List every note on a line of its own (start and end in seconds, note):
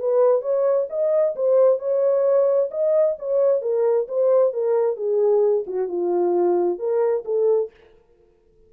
0.00 0.42 B4
0.42 0.87 C#5
0.90 1.36 D#5
1.36 1.79 C5
1.79 2.70 C#5
2.71 3.17 D#5
3.19 3.62 C#5
3.62 4.07 A#4
4.08 4.54 C5
4.54 4.97 A#4
4.97 5.65 G#4
5.67 5.88 F#4
5.88 6.79 F4
6.79 7.25 A#4
7.25 7.71 A4